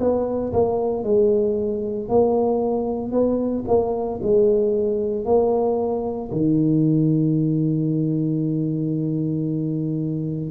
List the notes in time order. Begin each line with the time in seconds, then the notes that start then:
0.00 B3
0.53 A#3
1.04 G#3
2.09 A#3
3.12 B3
3.68 A#3
4.22 G#3
5.25 A#3
6.32 D#3